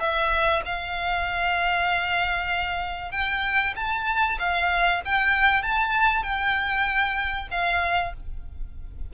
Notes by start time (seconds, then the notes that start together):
0.00 E5
0.66 F5
3.12 G5
3.76 A5
4.39 F5
5.05 G5
5.63 A5
6.23 G5
7.51 F5